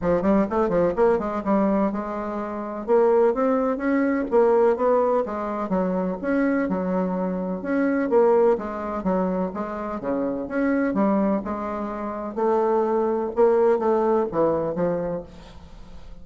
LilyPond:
\new Staff \with { instrumentName = "bassoon" } { \time 4/4 \tempo 4 = 126 f8 g8 a8 f8 ais8 gis8 g4 | gis2 ais4 c'4 | cis'4 ais4 b4 gis4 | fis4 cis'4 fis2 |
cis'4 ais4 gis4 fis4 | gis4 cis4 cis'4 g4 | gis2 a2 | ais4 a4 e4 f4 | }